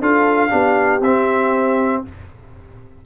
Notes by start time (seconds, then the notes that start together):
0.00 D4 F4 A4 F5
0.50 B3 D4 G4
1.00 C4 E5